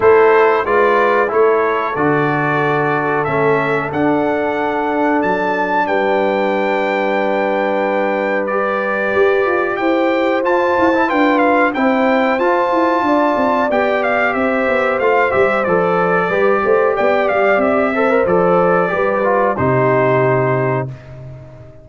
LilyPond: <<
  \new Staff \with { instrumentName = "trumpet" } { \time 4/4 \tempo 4 = 92 c''4 d''4 cis''4 d''4~ | d''4 e''4 fis''2 | a''4 g''2.~ | g''4 d''2 g''4 |
a''4 g''8 f''8 g''4 a''4~ | a''4 g''8 f''8 e''4 f''8 e''8 | d''2 g''8 f''8 e''4 | d''2 c''2 | }
  \new Staff \with { instrumentName = "horn" } { \time 4/4 a'4 b'4 a'2~ | a'1~ | a'4 b'2.~ | b'2. c''4~ |
c''4 b'4 c''2 | d''2 c''2~ | c''4 b'8 c''8 d''4. c''8~ | c''4 b'4 g'2 | }
  \new Staff \with { instrumentName = "trombone" } { \time 4/4 e'4 f'4 e'4 fis'4~ | fis'4 cis'4 d'2~ | d'1~ | d'4 g'2. |
f'8. e'16 f'4 e'4 f'4~ | f'4 g'2 f'8 g'8 | a'4 g'2~ g'8 a'16 ais'16 | a'4 g'8 f'8 dis'2 | }
  \new Staff \with { instrumentName = "tuba" } { \time 4/4 a4 gis4 a4 d4~ | d4 a4 d'2 | fis4 g2.~ | g2 g'8 f'8 e'4 |
f'8 e'8 d'4 c'4 f'8 e'8 | d'8 c'8 b4 c'8 b8 a8 g8 | f4 g8 a8 b8 g8 c'4 | f4 g4 c2 | }
>>